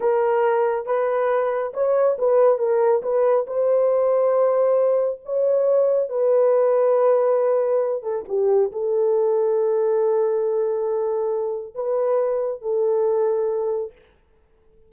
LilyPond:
\new Staff \with { instrumentName = "horn" } { \time 4/4 \tempo 4 = 138 ais'2 b'2 | cis''4 b'4 ais'4 b'4 | c''1 | cis''2 b'2~ |
b'2~ b'8 a'8 g'4 | a'1~ | a'2. b'4~ | b'4 a'2. | }